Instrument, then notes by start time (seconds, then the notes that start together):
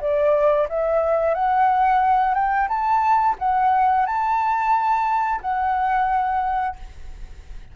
flute
0.00 D5
0.69 E5
1.34 F#5
2.34 G5
2.68 A5
3.39 F#5
4.06 A5
5.41 F#5